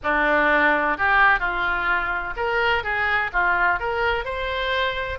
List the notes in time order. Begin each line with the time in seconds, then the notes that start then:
0.03 D4
0.97 G4
1.39 F4
2.36 A#4
2.83 G#4
3.32 F4
3.79 A#4
4.25 C5